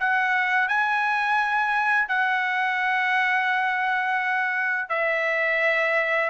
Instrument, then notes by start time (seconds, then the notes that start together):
trumpet
0.00 F#5
0.69 G#5
2.09 F#5
4.89 E5